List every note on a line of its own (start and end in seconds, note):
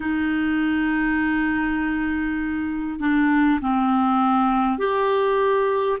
0.00 2.99 D#4
2.99 3.59 D4
3.61 4.78 C4
4.78 5.98 G4